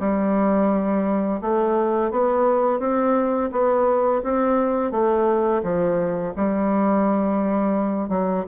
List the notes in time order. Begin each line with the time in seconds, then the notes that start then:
0.00 G3
1.42 A3
2.11 B3
2.80 C4
3.52 B3
4.24 C4
4.92 A3
5.63 F3
6.36 G3
8.10 F#3